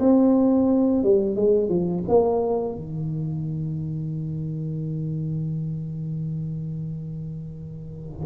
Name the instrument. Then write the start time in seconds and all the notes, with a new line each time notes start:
tuba
0.00 C4
1.03 G3
1.36 G#3
1.69 F3
2.08 A#3
2.75 D#3